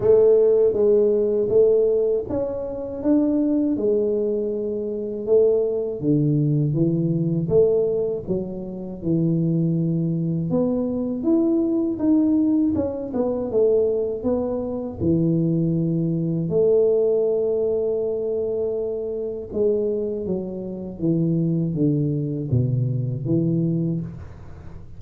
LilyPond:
\new Staff \with { instrumentName = "tuba" } { \time 4/4 \tempo 4 = 80 a4 gis4 a4 cis'4 | d'4 gis2 a4 | d4 e4 a4 fis4 | e2 b4 e'4 |
dis'4 cis'8 b8 a4 b4 | e2 a2~ | a2 gis4 fis4 | e4 d4 b,4 e4 | }